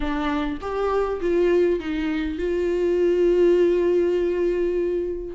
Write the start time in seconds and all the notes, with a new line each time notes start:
0.00 D4
0.61 G4
1.20 F4
1.79 D#4
2.38 F4